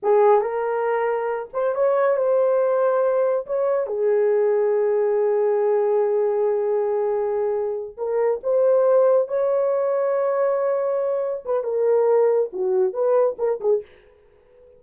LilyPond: \new Staff \with { instrumentName = "horn" } { \time 4/4 \tempo 4 = 139 gis'4 ais'2~ ais'8 c''8 | cis''4 c''2. | cis''4 gis'2.~ | gis'1~ |
gis'2~ gis'8 ais'4 c''8~ | c''4. cis''2~ cis''8~ | cis''2~ cis''8 b'8 ais'4~ | ais'4 fis'4 b'4 ais'8 gis'8 | }